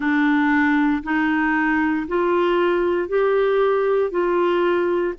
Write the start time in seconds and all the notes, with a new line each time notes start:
0.00 D4
1.03 D#4
2.07 F4
3.08 G4
4.11 F4